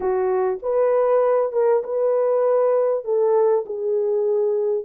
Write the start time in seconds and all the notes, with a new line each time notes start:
0.00 F#4
0.62 B4
1.52 A#4
1.83 B4
3.04 A4
3.65 G#4